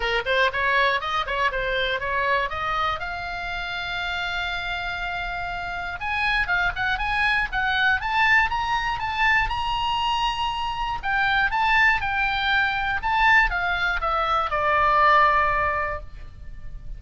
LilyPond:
\new Staff \with { instrumentName = "oboe" } { \time 4/4 \tempo 4 = 120 ais'8 c''8 cis''4 dis''8 cis''8 c''4 | cis''4 dis''4 f''2~ | f''1 | gis''4 f''8 fis''8 gis''4 fis''4 |
a''4 ais''4 a''4 ais''4~ | ais''2 g''4 a''4 | g''2 a''4 f''4 | e''4 d''2. | }